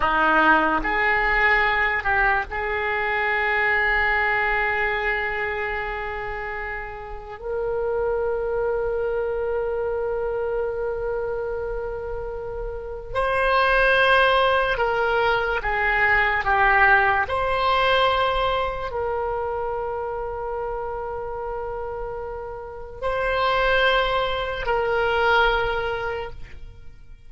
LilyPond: \new Staff \with { instrumentName = "oboe" } { \time 4/4 \tempo 4 = 73 dis'4 gis'4. g'8 gis'4~ | gis'1~ | gis'4 ais'2.~ | ais'1 |
c''2 ais'4 gis'4 | g'4 c''2 ais'4~ | ais'1 | c''2 ais'2 | }